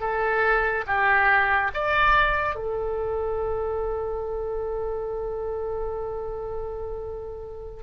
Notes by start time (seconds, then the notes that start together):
0.00 A4
0.87 G4
1.74 D5
2.55 A4